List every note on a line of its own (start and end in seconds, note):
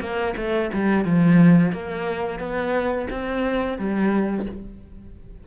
0.00 0.34 A#3
0.36 0.70 A3
0.73 1.04 G3
1.04 1.72 F3
1.72 2.39 A#3
2.39 3.07 B3
3.10 3.78 C4
3.78 4.46 G3